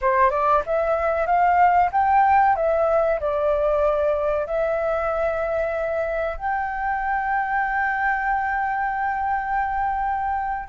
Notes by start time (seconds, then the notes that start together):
0.01 C5
0.30 D5
0.66 E5
1.26 F5
1.91 G5
2.55 E5
3.20 D5
4.46 E5
6.37 G5